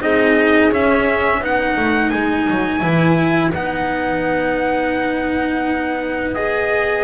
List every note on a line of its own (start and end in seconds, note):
0.00 0.71 C4
0.00 0.71 D#4
0.00 1.40 G#4
0.00 0.72 D#5
0.71 1.41 C#4
0.71 1.44 E5
1.40 1.76 B3
1.40 2.80 D#4
1.40 7.04 B4
1.40 2.10 F#5
1.76 2.11 A3
2.10 2.48 G#3
2.10 3.51 G#5
2.50 2.82 F#3
2.80 3.53 E3
2.80 3.51 E4
3.54 7.04 B3
3.54 6.36 D#4
3.54 6.34 F#5
6.34 7.04 G#4
6.34 7.04 D#5